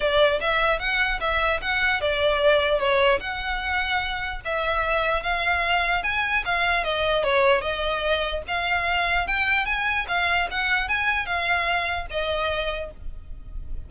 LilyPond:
\new Staff \with { instrumentName = "violin" } { \time 4/4 \tempo 4 = 149 d''4 e''4 fis''4 e''4 | fis''4 d''2 cis''4 | fis''2. e''4~ | e''4 f''2 gis''4 |
f''4 dis''4 cis''4 dis''4~ | dis''4 f''2 g''4 | gis''4 f''4 fis''4 gis''4 | f''2 dis''2 | }